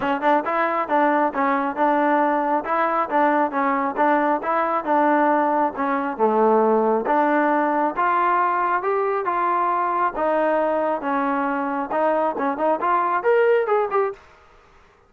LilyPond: \new Staff \with { instrumentName = "trombone" } { \time 4/4 \tempo 4 = 136 cis'8 d'8 e'4 d'4 cis'4 | d'2 e'4 d'4 | cis'4 d'4 e'4 d'4~ | d'4 cis'4 a2 |
d'2 f'2 | g'4 f'2 dis'4~ | dis'4 cis'2 dis'4 | cis'8 dis'8 f'4 ais'4 gis'8 g'8 | }